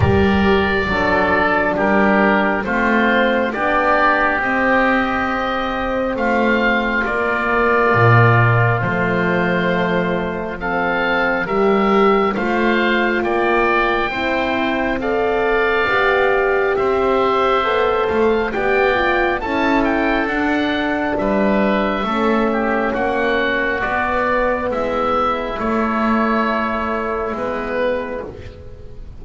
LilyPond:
<<
  \new Staff \with { instrumentName = "oboe" } { \time 4/4 \tempo 4 = 68 d''2 ais'4 c''4 | d''4 dis''2 f''4 | d''2 c''2 | f''4 e''4 f''4 g''4~ |
g''4 f''2 e''4~ | e''8 f''8 g''4 a''8 g''8 fis''4 | e''2 fis''4 d''4 | e''4 cis''2 b'4 | }
  \new Staff \with { instrumentName = "oboe" } { \time 4/4 ais'4 a'4 g'4 f'4 | g'2. f'4~ | f'1 | a'4 ais'4 c''4 d''4 |
c''4 d''2 c''4~ | c''4 d''4 a'2 | b'4 a'8 g'8 fis'2 | e'1 | }
  \new Staff \with { instrumentName = "horn" } { \time 4/4 g'4 d'2 c'4 | d'4 c'2. | ais2 a2 | c'4 g'4 f'2 |
e'4 a'4 g'2 | a'4 g'8 f'8 e'4 d'4~ | d'4 cis'2 b4~ | b4 a2 b4 | }
  \new Staff \with { instrumentName = "double bass" } { \time 4/4 g4 fis4 g4 a4 | b4 c'2 a4 | ais4 ais,4 f2~ | f4 g4 a4 ais4 |
c'2 b4 c'4 | b8 a8 b4 cis'4 d'4 | g4 a4 ais4 b4 | gis4 a2 gis4 | }
>>